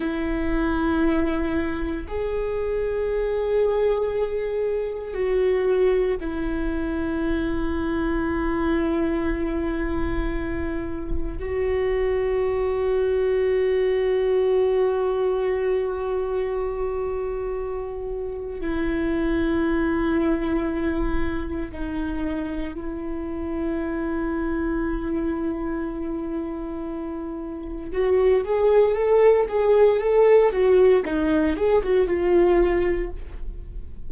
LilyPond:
\new Staff \with { instrumentName = "viola" } { \time 4/4 \tempo 4 = 58 e'2 gis'2~ | gis'4 fis'4 e'2~ | e'2. fis'4~ | fis'1~ |
fis'2 e'2~ | e'4 dis'4 e'2~ | e'2. fis'8 gis'8 | a'8 gis'8 a'8 fis'8 dis'8 gis'16 fis'16 f'4 | }